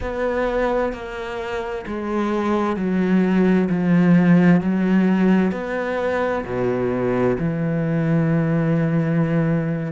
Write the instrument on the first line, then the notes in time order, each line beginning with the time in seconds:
cello
0.00 B3
0.92 A#3
1.86 G#3
2.76 F#3
3.69 F3
4.61 F#3
5.51 B3
6.44 B2
7.38 E3